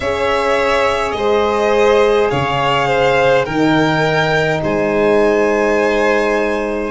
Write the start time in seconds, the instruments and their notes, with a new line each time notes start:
0.00 tuba C#4, horn G#4, violin C#5 E5
1.11 tuba G#3, violin C5 D#5
2.30 tuba C#3, violin C#5 F5
2.87 violin C5
3.44 tuba D#3, horn D#4, violin A#4 G5
4.62 tuba G#3, violin C5 G#5